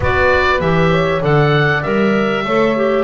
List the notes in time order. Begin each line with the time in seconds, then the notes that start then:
0.00 B3 F#4 B4 D5
0.60 E3 G4 E5
0.91 C#5
1.21 D3 A4 D5 F#5
1.82 G3 A#4 E5
2.44 A3 A4 C#5
2.76 G4